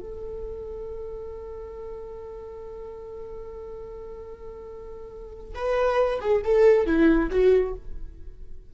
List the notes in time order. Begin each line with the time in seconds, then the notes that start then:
0.00 A4
5.55 B4
6.21 G#4
6.44 A4
6.86 E4
7.31 F#4